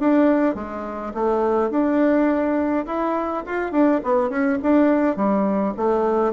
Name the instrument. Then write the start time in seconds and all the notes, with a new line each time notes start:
bassoon
0.00 D4
0.55 G#3
1.14 A3
1.70 D4
2.86 E4
3.46 F4
3.72 D4
4.04 B3
4.30 C#4
4.63 D4
5.17 G3
5.77 A3